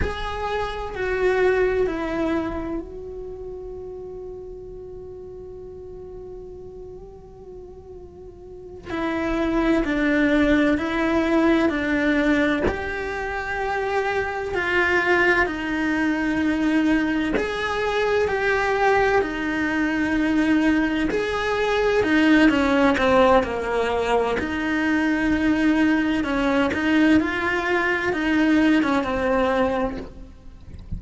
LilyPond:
\new Staff \with { instrumentName = "cello" } { \time 4/4 \tempo 4 = 64 gis'4 fis'4 e'4 fis'4~ | fis'1~ | fis'4. e'4 d'4 e'8~ | e'8 d'4 g'2 f'8~ |
f'8 dis'2 gis'4 g'8~ | g'8 dis'2 gis'4 dis'8 | cis'8 c'8 ais4 dis'2 | cis'8 dis'8 f'4 dis'8. cis'16 c'4 | }